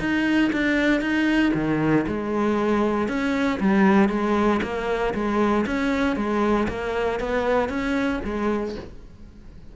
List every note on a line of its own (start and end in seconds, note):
0.00 0.51 D#4
0.53 1.02 D4
1.02 1.53 D#4
1.55 2.06 D#3
2.07 3.09 G#3
3.09 3.60 C#4
3.61 4.10 G3
4.10 4.61 G#3
4.63 5.14 A#3
5.15 5.66 G#3
5.67 6.17 C#4
6.17 6.68 G#3
6.69 7.20 A#3
7.20 7.70 B3
7.70 8.21 C#4
8.24 8.76 G#3